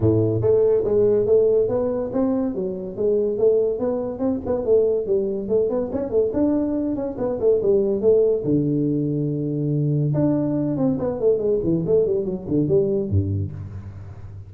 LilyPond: \new Staff \with { instrumentName = "tuba" } { \time 4/4 \tempo 4 = 142 a,4 a4 gis4 a4 | b4 c'4 fis4 gis4 | a4 b4 c'8 b8 a4 | g4 a8 b8 cis'8 a8 d'4~ |
d'8 cis'8 b8 a8 g4 a4 | d1 | d'4. c'8 b8 a8 gis8 e8 | a8 g8 fis8 d8 g4 g,4 | }